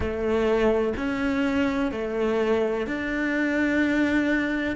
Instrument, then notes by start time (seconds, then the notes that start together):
cello
0.00 A3
0.96 C#4
1.91 A3
2.86 D4